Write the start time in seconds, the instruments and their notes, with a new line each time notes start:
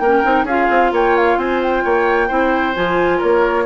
0.00 bassoon A#3, clarinet C#4, oboe A#4, flute G5
0.24 bassoon C4, clarinet D#4
0.44 bassoon C#4, clarinet F4, oboe G#4, flute F5
0.70 bassoon C4
0.92 bassoon A#3, oboe C#5, flute G5
1.17 flute F5
1.37 bassoon C4, oboe C5, flute G#5
1.63 flute G5
1.84 bassoon A#3, oboe C#5
2.28 bassoon C4, clarinet E4, oboe C5
2.75 bassoon F3, clarinet F4, flute G#5
3.18 bassoon A#3, oboe A#4, flute C#5